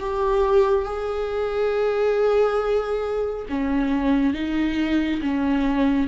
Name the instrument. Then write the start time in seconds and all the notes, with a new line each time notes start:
viola
0.00 G4
0.85 G#4
3.50 C#4
4.34 D#4
5.22 C#4